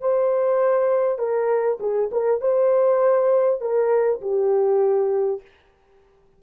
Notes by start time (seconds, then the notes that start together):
0.00 C5
1.18 A#4
1.79 G#4
2.11 A#4
2.40 C5
3.60 A#4
4.21 G4